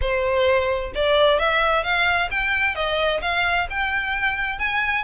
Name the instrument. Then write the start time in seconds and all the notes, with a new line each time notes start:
violin
0.01 C5
0.95 D5
1.39 E5
1.83 F5
2.30 G5
2.75 D#5
3.21 F5
3.70 G5
4.58 G#5